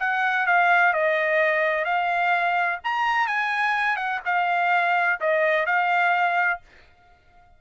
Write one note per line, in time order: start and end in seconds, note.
0.00 0.47 F#5
0.47 0.93 F5
0.93 1.85 D#5
1.85 2.79 F5
2.84 3.27 A#5
3.27 3.97 G#5
3.97 4.20 F#5
4.25 5.20 F5
5.20 5.66 D#5
5.66 6.61 F5